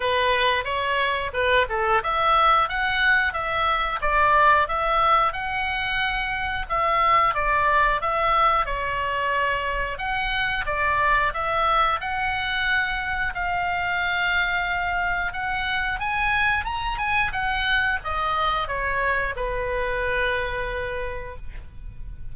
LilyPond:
\new Staff \with { instrumentName = "oboe" } { \time 4/4 \tempo 4 = 90 b'4 cis''4 b'8 a'8 e''4 | fis''4 e''4 d''4 e''4 | fis''2 e''4 d''4 | e''4 cis''2 fis''4 |
d''4 e''4 fis''2 | f''2. fis''4 | gis''4 ais''8 gis''8 fis''4 dis''4 | cis''4 b'2. | }